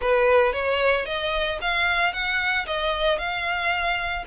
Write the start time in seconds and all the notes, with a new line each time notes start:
0.01 B4
0.52 C#5
1.05 D#5
1.61 F5
2.13 F#5
2.66 D#5
3.18 F5